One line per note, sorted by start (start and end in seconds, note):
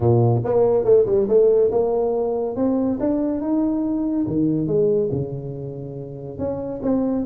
0.00 0.42 A#2
0.44 0.84 A#3
0.84 1.05 A3
1.06 1.27 G3
1.28 1.70 A3
1.71 2.56 A#3
2.56 2.98 C4
2.99 3.41 D4
3.41 4.26 D#4
4.26 4.67 D#3
4.67 5.09 G#3
5.11 6.38 C#3
6.38 6.80 C#4
6.82 7.25 C4